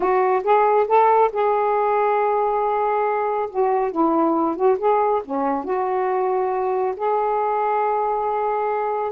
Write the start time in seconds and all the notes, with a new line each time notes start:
0.00 F#4
0.43 G#4
0.87 A4
1.32 G#4
3.49 F#4
3.91 E4
4.56 F#4
4.78 G#4
5.24 C#4
5.64 F#4
6.96 G#4